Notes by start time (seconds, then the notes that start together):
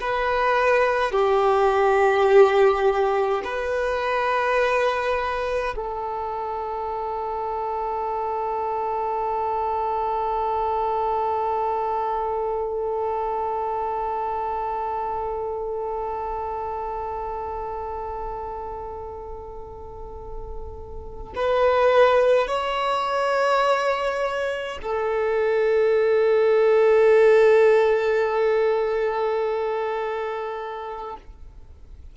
0.00 B4
1.11 G4
3.44 B4
5.75 A4
21.35 B4
22.47 C#5
24.82 A4